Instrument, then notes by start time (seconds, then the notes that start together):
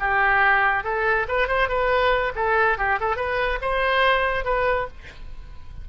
oboe
0.00 G4
0.84 A4
1.29 B4
1.48 C5
1.69 B4
2.36 A4
2.78 G4
3.00 A4
3.17 B4
3.62 C5
4.45 B4